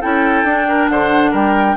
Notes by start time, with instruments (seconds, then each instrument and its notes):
0.00 bassoon C#4, clarinet E4, oboe A4, flute G5
0.43 bassoon D4, clarinet D4
0.68 oboe A#4
0.89 bassoon D3, oboe C5, flute F#5
1.31 bassoon G3, oboe A#4, flute G5